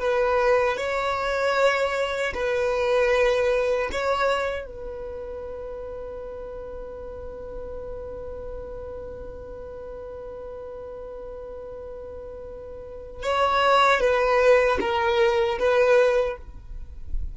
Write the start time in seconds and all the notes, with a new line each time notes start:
0.00 B4
0.78 C#5
2.34 B4
3.92 C#5
4.66 B4
13.23 C#5
14.01 B4
14.81 A#4
15.59 B4